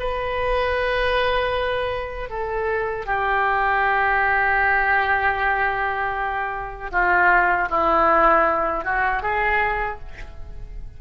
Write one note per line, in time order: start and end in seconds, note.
0.00 2.30 B4
2.30 3.06 A4
3.06 6.91 G4
6.92 7.69 F4
7.70 8.85 E4
8.85 9.23 F#4
9.23 10.00 G#4